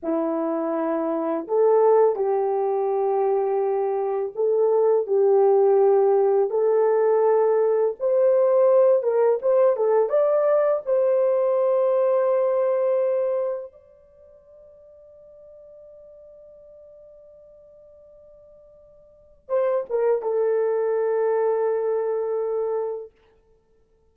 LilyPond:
\new Staff \with { instrumentName = "horn" } { \time 4/4 \tempo 4 = 83 e'2 a'4 g'4~ | g'2 a'4 g'4~ | g'4 a'2 c''4~ | c''8 ais'8 c''8 a'8 d''4 c''4~ |
c''2. d''4~ | d''1~ | d''2. c''8 ais'8 | a'1 | }